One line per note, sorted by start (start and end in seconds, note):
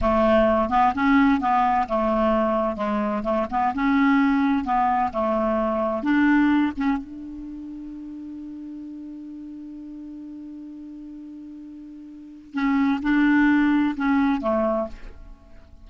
0.01 0.69 A3
0.69 0.93 B3
0.94 1.40 C#4
1.40 1.86 B3
1.88 2.76 A3
2.76 3.22 G#3
3.23 3.46 A3
3.50 3.73 B3
3.74 4.64 C#4
4.64 5.10 B3
5.12 6.02 A3
6.02 6.72 D4
6.77 6.97 C#4
6.97 12.53 D4
12.53 13.00 C#4
13.02 13.95 D4
13.96 14.41 C#4
14.41 14.87 A3